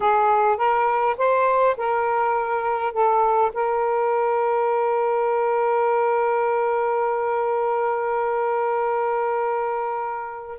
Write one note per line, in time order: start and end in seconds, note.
0.00 0.57 G#4
0.57 1.16 A#4
1.17 1.76 C5
1.77 2.93 A#4
2.93 3.51 A4
3.53 10.59 A#4